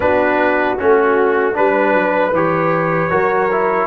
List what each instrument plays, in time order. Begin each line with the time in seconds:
0.00 tuba B3, trombone D4, horn F#4, trumpet B4
0.78 tuba A3, trombone C#4, trumpet F#4
1.53 tuba G3, trombone D4, trumpet B4, horn B4
1.93 tuba F#3
2.31 tuba E3, trombone G4, trumpet C#5
3.09 tuba F#3, trombone F#4, horn A#4
3.51 trombone E4